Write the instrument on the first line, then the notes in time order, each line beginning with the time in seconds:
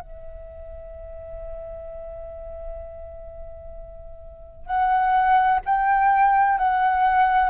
flute
0.00 E5
4.66 F#5
5.65 G5
6.58 F#5